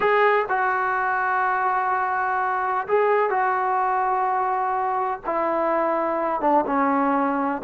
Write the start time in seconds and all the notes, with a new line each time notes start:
0.00 G#4
0.48 F#4
2.87 G#4
3.29 F#4
5.26 E4
6.40 D4
6.66 C#4